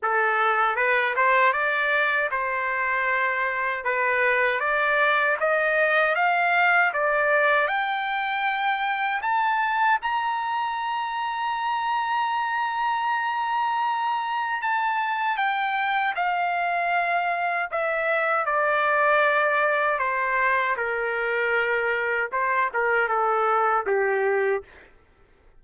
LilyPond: \new Staff \with { instrumentName = "trumpet" } { \time 4/4 \tempo 4 = 78 a'4 b'8 c''8 d''4 c''4~ | c''4 b'4 d''4 dis''4 | f''4 d''4 g''2 | a''4 ais''2.~ |
ais''2. a''4 | g''4 f''2 e''4 | d''2 c''4 ais'4~ | ais'4 c''8 ais'8 a'4 g'4 | }